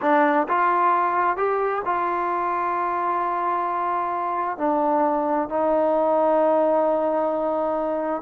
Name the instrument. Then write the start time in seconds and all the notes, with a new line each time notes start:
trombone
0.01 D4
0.48 F4
1.36 G4
1.85 F4
4.57 D4
5.49 D#4